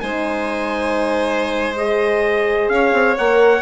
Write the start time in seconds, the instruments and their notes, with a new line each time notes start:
0.00 bassoon G#3, horn D#4, violin C5, trumpet G#5
1.76 horn G#4, trumpet D#5
2.69 bassoon C#4, violin C#5, trumpet F5
2.92 bassoon C4
3.18 bassoon A#3, horn A#4, trumpet F#5